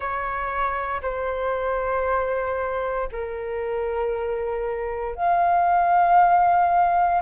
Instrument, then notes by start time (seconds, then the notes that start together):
flute
0.00 C#5
1.02 C5
3.11 A#4
5.15 F5